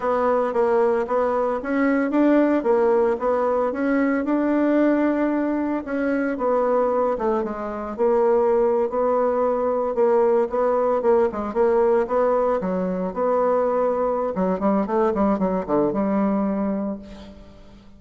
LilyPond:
\new Staff \with { instrumentName = "bassoon" } { \time 4/4 \tempo 4 = 113 b4 ais4 b4 cis'4 | d'4 ais4 b4 cis'4 | d'2. cis'4 | b4. a8 gis4 ais4~ |
ais8. b2 ais4 b16~ | b8. ais8 gis8 ais4 b4 fis16~ | fis8. b2~ b16 fis8 g8 | a8 g8 fis8 d8 g2 | }